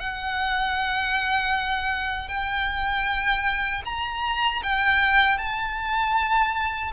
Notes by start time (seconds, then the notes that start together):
0.00 F#5
2.28 G5
3.85 A#5
4.63 G5
5.38 A5